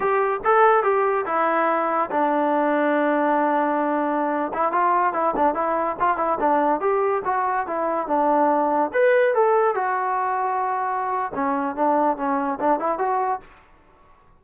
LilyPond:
\new Staff \with { instrumentName = "trombone" } { \time 4/4 \tempo 4 = 143 g'4 a'4 g'4 e'4~ | e'4 d'2.~ | d'2~ d'8. e'8 f'8.~ | f'16 e'8 d'8 e'4 f'8 e'8 d'8.~ |
d'16 g'4 fis'4 e'4 d'8.~ | d'4~ d'16 b'4 a'4 fis'8.~ | fis'2. cis'4 | d'4 cis'4 d'8 e'8 fis'4 | }